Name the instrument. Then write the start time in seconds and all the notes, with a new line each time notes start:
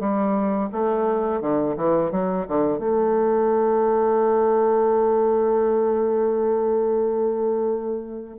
bassoon
0.00 G3
0.73 A3
1.41 D3
1.77 E3
2.12 F#3
2.48 D3
2.79 A3